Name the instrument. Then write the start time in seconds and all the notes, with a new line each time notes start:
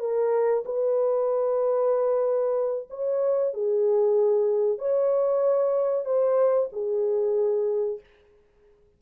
horn
0.00 A#4
0.66 B4
2.90 C#5
3.54 G#4
4.79 C#5
6.06 C5
6.73 G#4